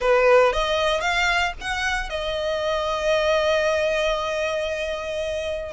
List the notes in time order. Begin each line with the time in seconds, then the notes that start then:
0.00 B4
0.52 D#5
1.01 F5
1.60 F#5
2.09 D#5